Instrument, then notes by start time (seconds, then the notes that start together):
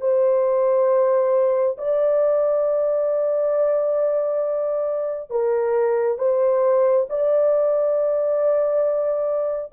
horn
0.00 C5
1.78 D5
5.30 A#4
6.18 C5
7.09 D5